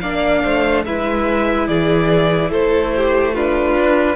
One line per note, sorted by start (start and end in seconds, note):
0.00 0.43 A#3
0.00 0.86 D4
0.00 0.43 D5
0.00 0.83 F5
0.43 0.85 A3
0.43 0.85 C5
0.85 1.68 G#3
0.85 3.36 E4
0.85 1.68 B4
0.85 1.67 E5
1.67 2.51 E3
1.67 2.50 G#4
1.67 2.51 D5
2.50 3.75 A3
2.50 2.91 A4
2.50 3.34 C5
2.96 3.34 G4
3.34 4.15 D4
3.34 4.15 F4
3.34 4.15 B4
3.75 4.15 D4